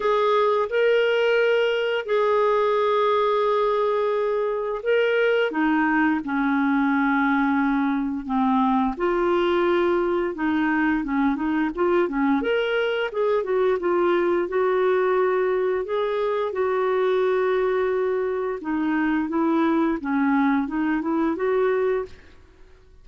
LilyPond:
\new Staff \with { instrumentName = "clarinet" } { \time 4/4 \tempo 4 = 87 gis'4 ais'2 gis'4~ | gis'2. ais'4 | dis'4 cis'2. | c'4 f'2 dis'4 |
cis'8 dis'8 f'8 cis'8 ais'4 gis'8 fis'8 | f'4 fis'2 gis'4 | fis'2. dis'4 | e'4 cis'4 dis'8 e'8 fis'4 | }